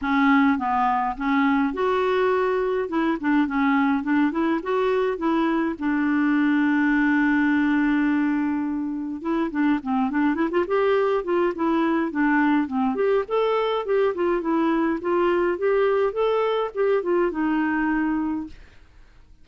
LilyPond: \new Staff \with { instrumentName = "clarinet" } { \time 4/4 \tempo 4 = 104 cis'4 b4 cis'4 fis'4~ | fis'4 e'8 d'8 cis'4 d'8 e'8 | fis'4 e'4 d'2~ | d'1 |
e'8 d'8 c'8 d'8 e'16 f'16 g'4 f'8 | e'4 d'4 c'8 g'8 a'4 | g'8 f'8 e'4 f'4 g'4 | a'4 g'8 f'8 dis'2 | }